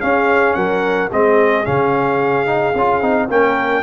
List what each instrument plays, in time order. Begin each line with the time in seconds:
0.00 trombone C#4, tuba C#4, horn G#4, trumpet F5
0.53 tuba F#3, horn A#4, trumpet F#5
1.11 tuba G#3, trombone C4, horn G#4, trumpet D#5
1.64 tuba C#3, trombone C#4, trumpet F5
2.46 trombone D#4
2.74 tuba C#4, trombone F4
3.01 tuba C4, trombone D#4
3.29 tuba A#3, trombone C#4, horn A#4, trumpet G5